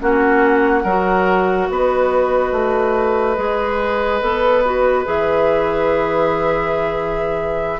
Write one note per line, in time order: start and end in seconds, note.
0.00 0.84 A#3
0.00 0.85 C#4
0.00 0.83 F#4
0.00 1.69 F#5
0.83 1.69 F#3
0.83 3.36 F#4
0.83 1.68 A#4
1.69 2.52 B3
1.69 7.79 B4
1.69 5.07 D#5
2.52 3.37 A3
3.36 4.21 G#3
3.36 4.21 G#4
4.21 5.06 B3
4.21 4.63 A4
4.65 5.05 F#4
5.05 7.79 E3
5.05 7.79 G#4
5.05 7.79 E5